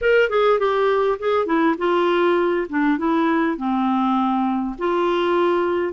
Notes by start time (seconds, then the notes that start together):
0.01 A#4
0.29 G#4
0.59 G4
1.19 G#4
1.46 E4
1.78 F4
2.69 D4
2.98 E4
3.57 C4
4.78 F4